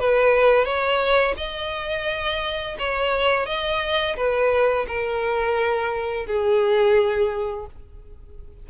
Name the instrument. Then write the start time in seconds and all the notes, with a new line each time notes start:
violin
0.00 B4
0.65 C#5
1.37 D#5
2.79 C#5
3.47 D#5
4.17 B4
4.88 A#4
6.27 G#4